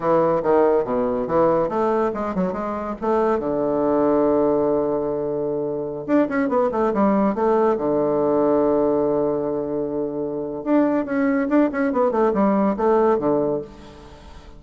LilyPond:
\new Staff \with { instrumentName = "bassoon" } { \time 4/4 \tempo 4 = 141 e4 dis4 b,4 e4 | a4 gis8 fis8 gis4 a4 | d1~ | d2~ d16 d'8 cis'8 b8 a16~ |
a16 g4 a4 d4.~ d16~ | d1~ | d4 d'4 cis'4 d'8 cis'8 | b8 a8 g4 a4 d4 | }